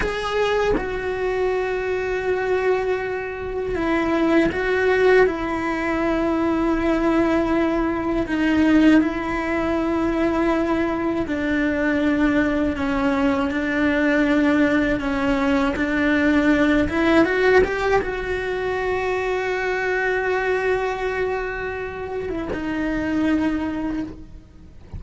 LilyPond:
\new Staff \with { instrumentName = "cello" } { \time 4/4 \tempo 4 = 80 gis'4 fis'2.~ | fis'4 e'4 fis'4 e'4~ | e'2. dis'4 | e'2. d'4~ |
d'4 cis'4 d'2 | cis'4 d'4. e'8 fis'8 g'8 | fis'1~ | fis'4.~ fis'16 e'16 dis'2 | }